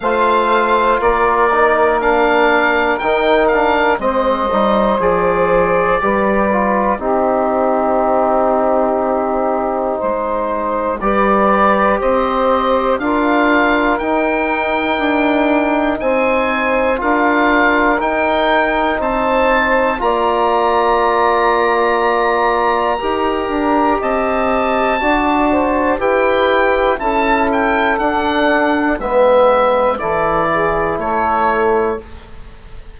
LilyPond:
<<
  \new Staff \with { instrumentName = "oboe" } { \time 4/4 \tempo 4 = 60 f''4 d''4 f''4 g''8 f''8 | dis''4 d''2 c''4~ | c''2. d''4 | dis''4 f''4 g''2 |
gis''4 f''4 g''4 a''4 | ais''1 | a''2 g''4 a''8 g''8 | fis''4 e''4 d''4 cis''4 | }
  \new Staff \with { instrumentName = "saxophone" } { \time 4/4 c''4 ais'2. | c''2 b'4 g'4~ | g'2 c''4 b'4 | c''4 ais'2. |
c''4 ais'2 c''4 | d''2. ais'4 | dis''4 d''8 c''8 b'4 a'4~ | a'4 b'4 a'8 gis'8 a'4 | }
  \new Staff \with { instrumentName = "trombone" } { \time 4/4 f'4. dis'8 d'4 dis'8 d'8 | c'8 dis'8 gis'4 g'8 f'8 dis'4~ | dis'2. g'4~ | g'4 f'4 dis'2~ |
dis'4 f'4 dis'2 | f'2. g'4~ | g'4 fis'4 g'4 e'4 | d'4 b4 e'2 | }
  \new Staff \with { instrumentName = "bassoon" } { \time 4/4 a4 ais2 dis4 | gis8 g8 f4 g4 c'4~ | c'2 gis4 g4 | c'4 d'4 dis'4 d'4 |
c'4 d'4 dis'4 c'4 | ais2. dis'8 d'8 | c'4 d'4 e'4 cis'4 | d'4 gis4 e4 a4 | }
>>